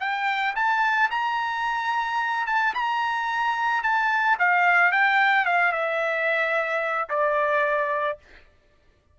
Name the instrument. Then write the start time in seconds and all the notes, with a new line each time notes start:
trumpet
0.00 G5
0.56 A5
1.11 A#5
2.47 A5
2.74 A#5
3.83 A5
4.39 F5
4.92 G5
5.45 F5
5.72 E5
7.09 D5